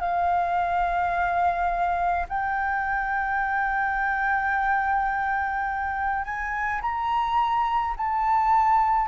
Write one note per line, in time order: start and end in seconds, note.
0.00 2.26 F5
2.28 6.24 G5
6.24 6.81 G#5
6.81 7.95 A#5
7.97 9.08 A5